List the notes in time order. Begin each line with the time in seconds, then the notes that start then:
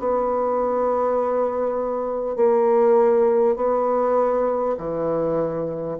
0.00 B3
2.37 A#3
3.57 B3
4.78 E3